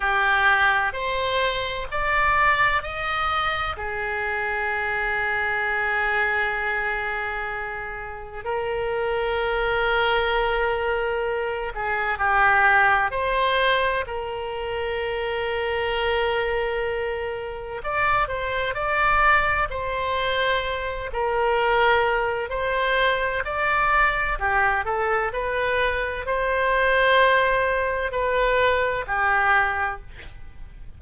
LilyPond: \new Staff \with { instrumentName = "oboe" } { \time 4/4 \tempo 4 = 64 g'4 c''4 d''4 dis''4 | gis'1~ | gis'4 ais'2.~ | ais'8 gis'8 g'4 c''4 ais'4~ |
ais'2. d''8 c''8 | d''4 c''4. ais'4. | c''4 d''4 g'8 a'8 b'4 | c''2 b'4 g'4 | }